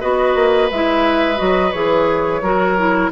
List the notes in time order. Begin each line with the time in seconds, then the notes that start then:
0.00 B3 F#4 B4 D#5
0.35 A#3
0.70 G#3 E4 E5
1.35 F#3 F#4 D#5
1.71 E3 G#4 C#5
2.42 F#3 F#4 A#4
2.77 E4